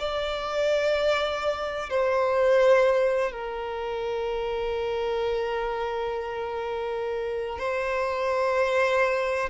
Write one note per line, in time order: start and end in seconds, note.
0.00 1.90 D5
1.90 3.32 C5
3.32 7.59 A#4
7.59 9.50 C5